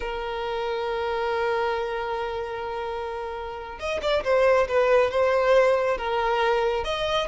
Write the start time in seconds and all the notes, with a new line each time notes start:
0.00 A#4
3.79 D#5
4.02 D5
4.24 C5
4.68 B4
5.11 C5
5.97 A#4
6.84 D#5